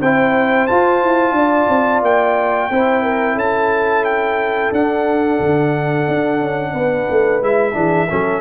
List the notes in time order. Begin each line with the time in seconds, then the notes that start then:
0.00 C4 E4 C5 G5
0.67 F4 A5
1.03 E4
1.32 D4 D5
1.69 C4
2.02 A#3 G5
2.70 C4 E4 C5
3.03 A#4
3.35 C#4 A4 A5
4.05 G5
4.72 D4 F#5
5.40 D3
6.08 D4
6.41 C#4
6.74 B3 B4
7.10 A3
7.41 G#3 E4 E5
7.73 E3 D4 G#4
8.09 F#3 C#4 A4